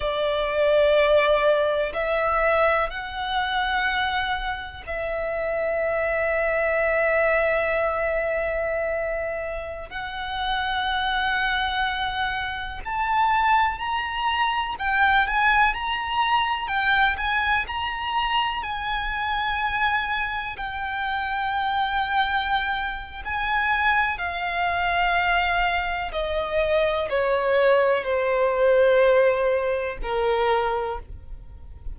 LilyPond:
\new Staff \with { instrumentName = "violin" } { \time 4/4 \tempo 4 = 62 d''2 e''4 fis''4~ | fis''4 e''2.~ | e''2~ e''16 fis''4.~ fis''16~ | fis''4~ fis''16 a''4 ais''4 g''8 gis''16~ |
gis''16 ais''4 g''8 gis''8 ais''4 gis''8.~ | gis''4~ gis''16 g''2~ g''8. | gis''4 f''2 dis''4 | cis''4 c''2 ais'4 | }